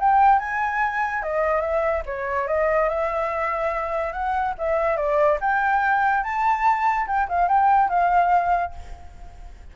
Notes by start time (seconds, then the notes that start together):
0.00 G5
0.39 G#5
1.23 D#5
1.61 E5
2.06 C#5
2.47 D#5
2.89 E5
4.13 F#5
4.59 E5
4.97 D5
5.41 G5
6.23 A5
7.07 G5
7.29 F5
7.48 G5
7.89 F5